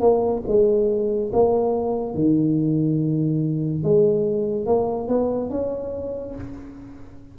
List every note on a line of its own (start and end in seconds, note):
0.00 0.42 A#3
0.47 1.31 G#3
1.33 2.14 A#3
2.14 3.83 D#3
3.83 4.66 G#3
4.66 5.08 A#3
5.08 5.50 B3
5.50 6.35 C#4